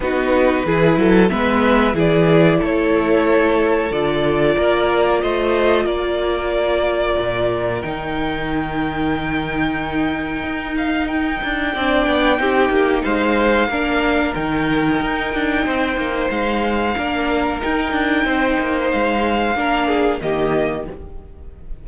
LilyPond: <<
  \new Staff \with { instrumentName = "violin" } { \time 4/4 \tempo 4 = 92 b'2 e''4 d''4 | cis''2 d''2 | dis''4 d''2. | g''1~ |
g''8 f''8 g''2. | f''2 g''2~ | g''4 f''2 g''4~ | g''4 f''2 dis''4 | }
  \new Staff \with { instrumentName = "violin" } { \time 4/4 fis'4 gis'8 a'8 b'4 gis'4 | a'2. ais'4 | c''4 ais'2.~ | ais'1~ |
ais'2 d''4 g'4 | c''4 ais'2. | c''2 ais'2 | c''2 ais'8 gis'8 g'4 | }
  \new Staff \with { instrumentName = "viola" } { \time 4/4 dis'4 e'4 b4 e'4~ | e'2 f'2~ | f'1 | dis'1~ |
dis'2 d'4 dis'4~ | dis'4 d'4 dis'2~ | dis'2 d'4 dis'4~ | dis'2 d'4 ais4 | }
  \new Staff \with { instrumentName = "cello" } { \time 4/4 b4 e8 fis8 gis4 e4 | a2 d4 ais4 | a4 ais2 ais,4 | dis1 |
dis'4. d'8 c'8 b8 c'8 ais8 | gis4 ais4 dis4 dis'8 d'8 | c'8 ais8 gis4 ais4 dis'8 d'8 | c'8 ais8 gis4 ais4 dis4 | }
>>